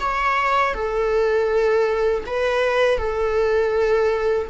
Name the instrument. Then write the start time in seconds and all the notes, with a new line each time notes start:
viola
0.00 C#5
0.74 A4
2.27 B4
2.98 A4